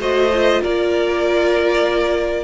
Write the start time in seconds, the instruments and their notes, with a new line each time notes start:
0.00 cello A3, viola F#4, violin C5 D#5
0.34 viola F4
0.62 cello A#3, violin A#4 D5